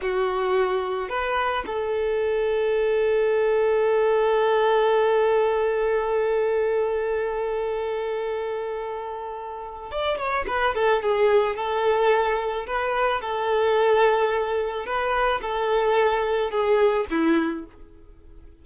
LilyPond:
\new Staff \with { instrumentName = "violin" } { \time 4/4 \tempo 4 = 109 fis'2 b'4 a'4~ | a'1~ | a'1~ | a'1~ |
a'2 d''8 cis''8 b'8 a'8 | gis'4 a'2 b'4 | a'2. b'4 | a'2 gis'4 e'4 | }